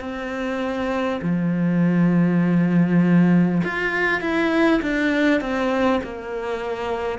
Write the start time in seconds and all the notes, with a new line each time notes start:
0.00 C4
1.22 F3
3.64 F4
4.21 E4
4.82 D4
5.41 C4
6.03 A#3